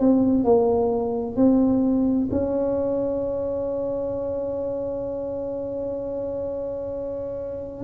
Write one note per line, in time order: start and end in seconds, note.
0.00 0.44 C4
0.44 1.36 A#3
1.36 2.29 C4
2.31 7.85 C#4